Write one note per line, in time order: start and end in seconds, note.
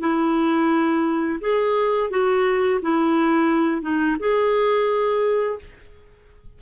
0.00 1.40 E4
1.40 2.10 G#4
2.10 2.80 F#4
2.82 3.82 E4
3.82 4.17 D#4
4.19 5.59 G#4